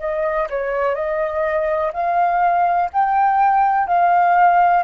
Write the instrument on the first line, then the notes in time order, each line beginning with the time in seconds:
flute
0.00 D#5
0.50 C#5
0.95 D#5
1.94 F5
2.93 G5
3.88 F5